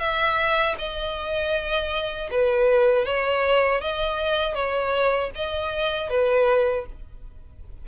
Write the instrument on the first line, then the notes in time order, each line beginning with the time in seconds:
violin
0.00 E5
0.79 D#5
2.32 B4
3.06 C#5
3.81 D#5
4.55 C#5
5.36 D#5
6.10 B4